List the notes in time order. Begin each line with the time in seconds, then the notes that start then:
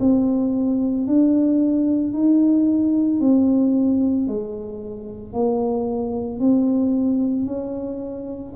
0.00 C4
1.08 D4
2.13 D#4
3.20 C4
4.28 G#3
5.33 A#3
6.40 C4
7.47 C#4